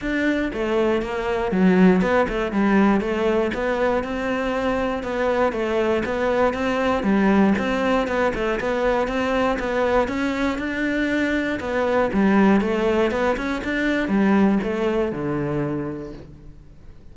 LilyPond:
\new Staff \with { instrumentName = "cello" } { \time 4/4 \tempo 4 = 119 d'4 a4 ais4 fis4 | b8 a8 g4 a4 b4 | c'2 b4 a4 | b4 c'4 g4 c'4 |
b8 a8 b4 c'4 b4 | cis'4 d'2 b4 | g4 a4 b8 cis'8 d'4 | g4 a4 d2 | }